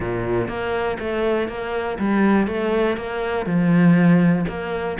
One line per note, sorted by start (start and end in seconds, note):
0.00 0.48 A#2
0.48 0.97 A#3
0.99 1.48 A3
1.48 1.98 A#3
1.99 2.47 G3
2.47 2.96 A3
2.96 3.46 A#3
3.46 4.45 F3
4.48 4.97 A#3